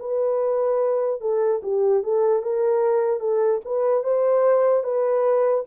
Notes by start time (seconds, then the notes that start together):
0.00 B4
1.21 A4
1.63 G4
2.04 A4
2.43 A#4
3.21 A4
3.66 B4
4.04 C5
4.84 B4